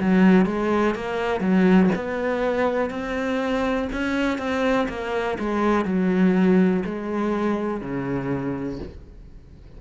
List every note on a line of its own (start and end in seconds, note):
0.00 0.46 F#3
0.46 0.95 G#3
0.95 1.40 A#3
1.40 1.90 F#3
1.95 2.90 B3
2.90 3.89 C4
3.93 4.38 C#4
4.38 4.87 C4
4.88 5.37 A#3
5.39 5.85 G#3
5.85 6.83 F#3
6.85 7.80 G#3
7.80 8.79 C#3